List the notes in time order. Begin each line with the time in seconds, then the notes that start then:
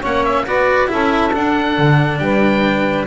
0.00 A#3 C#4 C#5 F#5
0.25 E5
0.46 B3 F#4 B4 D5
0.88 C#4 E4 A4 E5
1.33 D4 F#5
1.78 D3
2.19 G3 B4 G5